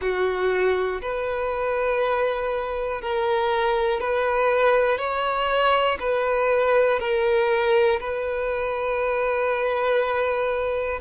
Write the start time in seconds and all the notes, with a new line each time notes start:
0.00 F#4
1.01 B4
3.01 A#4
4.00 B4
4.98 C#5
6.00 B4
7.00 A#4
8.00 B4